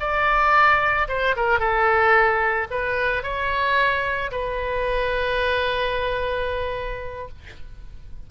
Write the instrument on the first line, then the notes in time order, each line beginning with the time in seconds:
oboe
0.00 D5
1.09 C5
1.37 A#4
1.60 A4
2.71 B4
3.23 C#5
4.32 B4